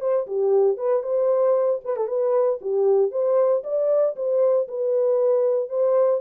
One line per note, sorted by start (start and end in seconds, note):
0.00 0.26 C5
0.27 0.77 G4
0.77 1.03 B4
1.03 1.80 C5
1.84 1.96 B4
1.96 2.07 A4
2.07 2.59 B4
2.61 3.11 G4
3.11 3.63 C5
3.63 4.15 D5
4.16 4.67 C5
4.68 5.69 B4
5.69 6.20 C5